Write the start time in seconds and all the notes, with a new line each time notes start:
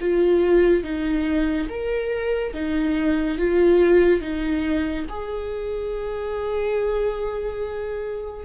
0.00 F4
0.83 D#4
1.69 A#4
2.53 D#4
3.38 F4
4.21 D#4
5.09 G#4